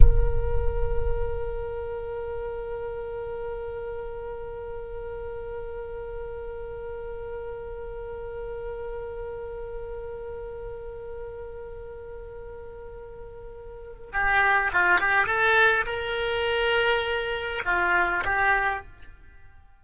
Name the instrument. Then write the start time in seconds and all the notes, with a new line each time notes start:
oboe
0.00 A#4
14.13 G4
14.72 F4
14.99 G4
15.26 A4
15.86 A#4
17.65 F4
18.24 G4